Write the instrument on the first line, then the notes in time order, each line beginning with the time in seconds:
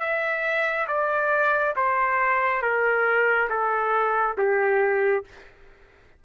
trumpet
0.00 E5
0.87 D5
1.76 C5
2.62 A#4
3.49 A4
4.38 G4